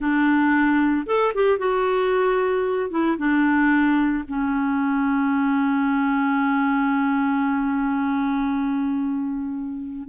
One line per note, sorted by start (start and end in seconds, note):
0.00 1.06 D4
1.06 1.33 A4
1.34 1.58 G4
1.58 2.90 F#4
2.90 3.17 E4
3.17 4.23 D4
4.28 10.08 C#4